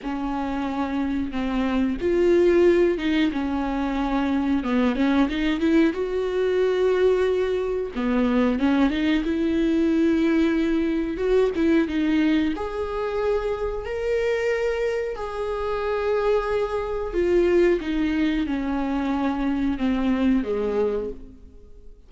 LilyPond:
\new Staff \with { instrumentName = "viola" } { \time 4/4 \tempo 4 = 91 cis'2 c'4 f'4~ | f'8 dis'8 cis'2 b8 cis'8 | dis'8 e'8 fis'2. | b4 cis'8 dis'8 e'2~ |
e'4 fis'8 e'8 dis'4 gis'4~ | gis'4 ais'2 gis'4~ | gis'2 f'4 dis'4 | cis'2 c'4 gis4 | }